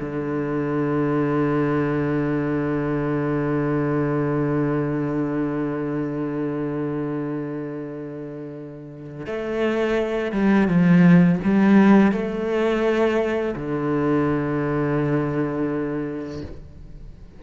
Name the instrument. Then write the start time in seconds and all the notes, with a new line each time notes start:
cello
0.00 D3
9.27 A3
10.32 G3
10.68 F3
11.44 G3
12.12 A3
13.56 D3